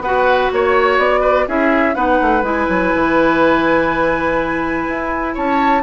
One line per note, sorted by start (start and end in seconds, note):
0.00 0.48 B3
0.00 1.48 F#4
0.00 0.52 B4
0.00 0.51 F#5
0.52 0.98 A#3
0.52 0.99 C#5
0.52 1.20 C#5
0.98 1.46 B3
0.98 1.47 D5
1.20 1.45 B4
1.47 1.95 C#4
1.47 1.95 E4
1.47 1.95 G#4
1.47 1.94 E5
1.94 2.19 B3
1.94 2.43 D#4
1.94 5.34 B4
1.94 2.43 F#5
2.21 2.42 A3
2.42 2.67 G#3
2.42 5.82 E4
2.42 5.35 G#5
2.69 2.93 F#3
2.95 4.88 E3
4.88 5.36 E4
5.34 5.83 C#4
5.34 5.82 C#5
5.34 5.83 A5